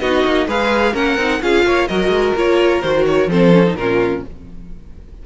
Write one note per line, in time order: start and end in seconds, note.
0.00 0.24 B3
0.00 0.48 D#4
0.00 0.48 F#4
0.00 0.47 D#5
0.25 0.47 A#3
0.47 0.94 G#3
0.47 0.94 G#4
0.47 0.93 B4
0.47 0.95 F5
0.93 1.17 A#3
0.93 1.17 C#4
0.93 1.40 A#4
0.93 1.42 F#5
1.17 1.41 C4
1.17 1.41 D#4
1.41 1.65 C#4
1.41 1.88 F4
1.41 1.66 G#4
1.41 1.88 F5
1.66 1.89 A#3
1.66 1.89 C#5
1.88 2.08 F#3
1.88 2.36 F#4
1.88 3.29 A#4
1.88 2.34 D#5
2.08 2.32 G#3
2.36 2.83 A#3
2.36 2.83 F4
2.36 2.82 C#5
2.82 3.27 D#3
2.82 3.30 F#4
2.82 3.05 C5
3.06 3.30 C#5
3.27 3.74 F3
3.27 3.53 C4
3.27 3.76 A4
3.27 3.76 C5
3.53 3.64 C#4
3.66 3.78 D#4
3.74 4.21 A#2
3.74 4.26 C#4
3.74 4.26 F4
3.74 4.23 A#4